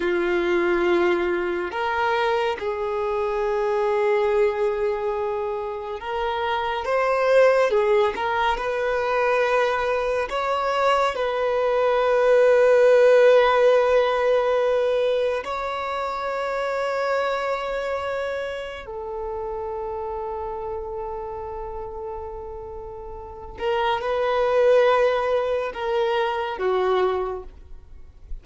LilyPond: \new Staff \with { instrumentName = "violin" } { \time 4/4 \tempo 4 = 70 f'2 ais'4 gis'4~ | gis'2. ais'4 | c''4 gis'8 ais'8 b'2 | cis''4 b'2.~ |
b'2 cis''2~ | cis''2 a'2~ | a'2.~ a'8 ais'8 | b'2 ais'4 fis'4 | }